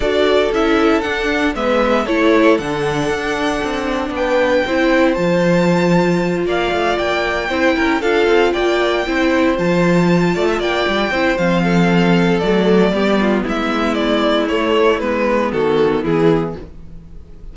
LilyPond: <<
  \new Staff \with { instrumentName = "violin" } { \time 4/4 \tempo 4 = 116 d''4 e''4 fis''4 e''4 | cis''4 fis''2. | g''2 a''2~ | a''8 f''4 g''2 f''8~ |
f''8 g''2 a''4.~ | a''8 g''4. f''2 | d''2 e''4 d''4 | cis''4 b'4 a'4 gis'4 | }
  \new Staff \with { instrumentName = "violin" } { \time 4/4 a'2. b'4 | a'1 | b'4 c''2.~ | c''8 d''2 c''8 ais'8 a'8~ |
a'8 d''4 c''2~ c''8 | d''16 e''16 d''4 c''4 a'4.~ | a'4 g'8 f'8 e'2~ | e'2 fis'4 e'4 | }
  \new Staff \with { instrumentName = "viola" } { \time 4/4 fis'4 e'4 d'4 b4 | e'4 d'2.~ | d'4 e'4 f'2~ | f'2~ f'8 e'4 f'8~ |
f'4. e'4 f'4.~ | f'4. e'8 c'2 | a4 b2. | a4 b2. | }
  \new Staff \with { instrumentName = "cello" } { \time 4/4 d'4 cis'4 d'4 gis4 | a4 d4 d'4 c'4 | b4 c'4 f2~ | f8 ais8 a8 ais4 c'8 cis'8 d'8 |
c'8 ais4 c'4 f4. | a8 ais8 g8 c'8 f2 | fis4 g4 gis2 | a4 gis4 dis4 e4 | }
>>